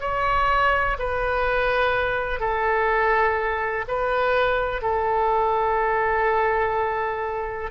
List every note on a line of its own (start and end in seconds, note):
0.00 0.97 C#5
0.99 2.40 B4
2.40 3.85 A4
3.88 4.82 B4
4.82 7.71 A4